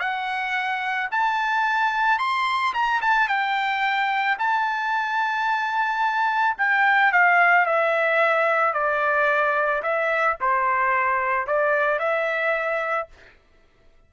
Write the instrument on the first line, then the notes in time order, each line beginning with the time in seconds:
trumpet
0.00 F#5
1.11 A5
2.19 C6
2.74 A#5
3.01 A5
3.28 G5
4.38 A5
6.58 G5
7.12 F5
7.66 E5
8.73 D5
9.83 E5
10.41 C5
11.47 D5
11.99 E5